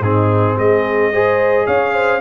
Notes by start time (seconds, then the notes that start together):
0.00 G#2 C4 D#4 G#4
0.56 G#3 G#4 D#5
1.12 G#4 C5
1.66 C#4 C#5 F5
1.94 C5